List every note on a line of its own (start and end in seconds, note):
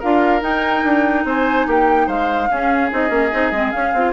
0.00 0.42 D4
0.00 0.42 F4
0.00 1.24 A#4
0.00 0.43 F5
0.42 2.48 D#4
0.42 0.83 D#4
0.42 1.26 G5
0.84 1.25 D4
1.25 1.67 C4
1.25 1.67 C5
1.25 1.69 G#5
1.67 2.08 A#3
1.67 2.07 G4
1.67 2.09 G5
2.07 2.49 G#3
2.07 2.49 C5
2.07 2.92 F5
2.51 2.92 C#4
2.51 2.91 C#4
2.51 4.14 G#4
2.91 3.10 C4
2.91 3.09 D#4
2.91 3.72 D#5
3.09 3.31 A#3
3.09 3.29 C#4
3.32 3.52 C4
3.32 3.53 D#4
3.52 3.72 G#3
3.52 3.72 C4
3.72 3.93 C#4
3.72 3.94 C#4
3.72 4.13 F5
3.94 4.14 C4
3.94 4.14 F4